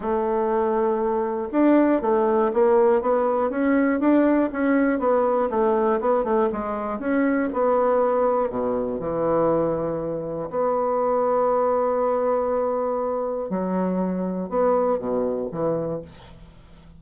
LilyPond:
\new Staff \with { instrumentName = "bassoon" } { \time 4/4 \tempo 4 = 120 a2. d'4 | a4 ais4 b4 cis'4 | d'4 cis'4 b4 a4 | b8 a8 gis4 cis'4 b4~ |
b4 b,4 e2~ | e4 b2.~ | b2. fis4~ | fis4 b4 b,4 e4 | }